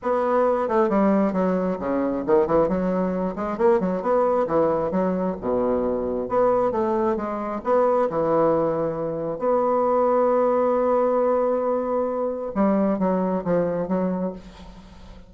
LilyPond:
\new Staff \with { instrumentName = "bassoon" } { \time 4/4 \tempo 4 = 134 b4. a8 g4 fis4 | cis4 dis8 e8 fis4. gis8 | ais8 fis8 b4 e4 fis4 | b,2 b4 a4 |
gis4 b4 e2~ | e4 b2.~ | b1 | g4 fis4 f4 fis4 | }